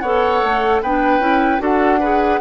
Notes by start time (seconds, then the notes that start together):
0.00 B3 A4 C#5 F#5
0.43 A3
0.82 B3 D4 B4 G5
1.19 C#4 E4
1.59 D4 F#4 A4 F#5
2.00 G#4 B4